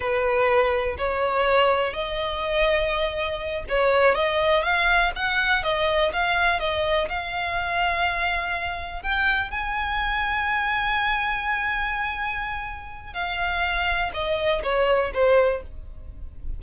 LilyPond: \new Staff \with { instrumentName = "violin" } { \time 4/4 \tempo 4 = 123 b'2 cis''2 | dis''2.~ dis''8 cis''8~ | cis''8 dis''4 f''4 fis''4 dis''8~ | dis''8 f''4 dis''4 f''4.~ |
f''2~ f''8 g''4 gis''8~ | gis''1~ | gis''2. f''4~ | f''4 dis''4 cis''4 c''4 | }